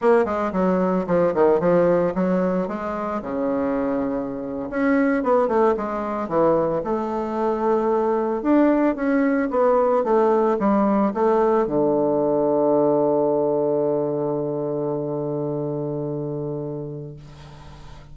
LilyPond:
\new Staff \with { instrumentName = "bassoon" } { \time 4/4 \tempo 4 = 112 ais8 gis8 fis4 f8 dis8 f4 | fis4 gis4 cis2~ | cis8. cis'4 b8 a8 gis4 e16~ | e8. a2. d'16~ |
d'8. cis'4 b4 a4 g16~ | g8. a4 d2~ d16~ | d1~ | d1 | }